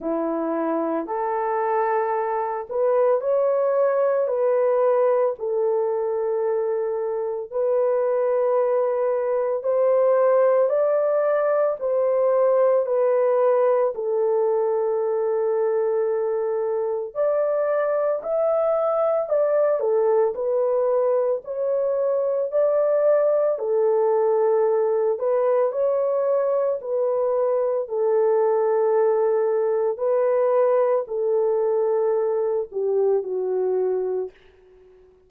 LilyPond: \new Staff \with { instrumentName = "horn" } { \time 4/4 \tempo 4 = 56 e'4 a'4. b'8 cis''4 | b'4 a'2 b'4~ | b'4 c''4 d''4 c''4 | b'4 a'2. |
d''4 e''4 d''8 a'8 b'4 | cis''4 d''4 a'4. b'8 | cis''4 b'4 a'2 | b'4 a'4. g'8 fis'4 | }